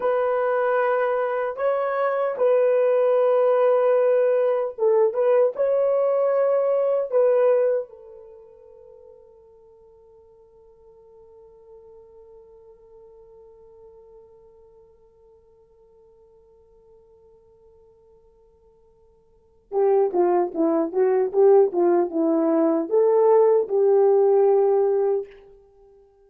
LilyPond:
\new Staff \with { instrumentName = "horn" } { \time 4/4 \tempo 4 = 76 b'2 cis''4 b'4~ | b'2 a'8 b'8 cis''4~ | cis''4 b'4 a'2~ | a'1~ |
a'1~ | a'1~ | a'4 g'8 f'8 e'8 fis'8 g'8 f'8 | e'4 a'4 g'2 | }